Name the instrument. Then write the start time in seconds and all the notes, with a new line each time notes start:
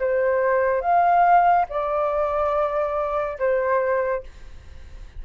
flute
0.00 C5
0.81 F5
1.69 D5
3.39 C5